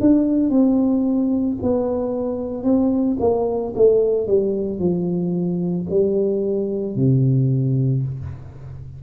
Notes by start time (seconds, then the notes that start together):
0.00 D4
0.50 C4
1.62 B3
2.63 C4
3.19 A#3
3.75 A3
4.27 G3
4.79 F3
5.90 G3
6.95 C3